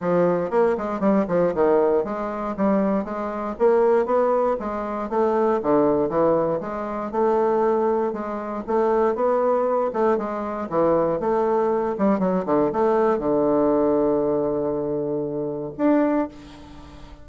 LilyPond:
\new Staff \with { instrumentName = "bassoon" } { \time 4/4 \tempo 4 = 118 f4 ais8 gis8 g8 f8 dis4 | gis4 g4 gis4 ais4 | b4 gis4 a4 d4 | e4 gis4 a2 |
gis4 a4 b4. a8 | gis4 e4 a4. g8 | fis8 d8 a4 d2~ | d2. d'4 | }